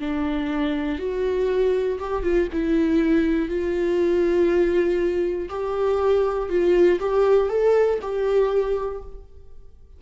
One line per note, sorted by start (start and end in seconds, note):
0.00 0.99 D4
0.99 1.99 F#4
2.00 2.23 G4
2.23 2.48 F4
2.53 3.49 E4
3.49 5.49 F4
5.50 6.49 G4
6.50 7.00 F4
7.00 7.50 G4
7.50 8.00 A4
8.02 9.02 G4